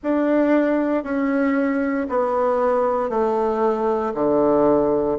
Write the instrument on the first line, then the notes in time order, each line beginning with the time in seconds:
bassoon
0.03 D4
1.03 C#4
2.09 B3
3.09 A3
4.14 D3